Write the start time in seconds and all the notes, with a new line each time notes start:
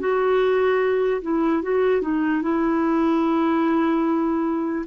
0.00 F#4
1.22 E4
1.63 F#4
2.02 D#4
2.43 E4